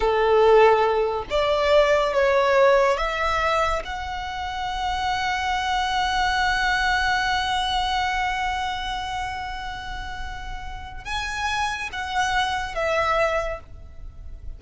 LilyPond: \new Staff \with { instrumentName = "violin" } { \time 4/4 \tempo 4 = 141 a'2. d''4~ | d''4 cis''2 e''4~ | e''4 fis''2.~ | fis''1~ |
fis''1~ | fis''1~ | fis''2 gis''2 | fis''2 e''2 | }